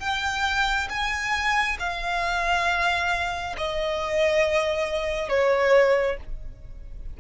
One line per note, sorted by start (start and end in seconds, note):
0.00 0.88 G5
0.89 1.78 G#5
1.79 3.56 F5
3.57 5.29 D#5
5.29 6.17 C#5